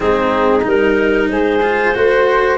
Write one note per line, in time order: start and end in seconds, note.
0.00 0.65 G#3
0.00 0.61 C4
0.00 1.27 D#4
0.00 0.65 G#4
0.63 1.30 G3
0.63 1.60 D#4
0.63 1.28 A#4
1.28 1.94 G#3
1.28 1.95 G#4
1.28 2.57 C5
1.62 1.94 F4
1.94 2.58 A3
1.94 2.58 F#4
1.94 2.58 C5